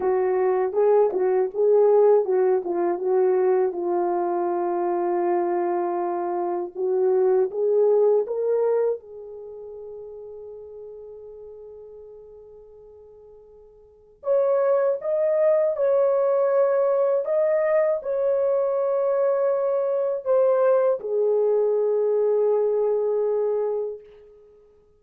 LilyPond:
\new Staff \with { instrumentName = "horn" } { \time 4/4 \tempo 4 = 80 fis'4 gis'8 fis'8 gis'4 fis'8 f'8 | fis'4 f'2.~ | f'4 fis'4 gis'4 ais'4 | gis'1~ |
gis'2. cis''4 | dis''4 cis''2 dis''4 | cis''2. c''4 | gis'1 | }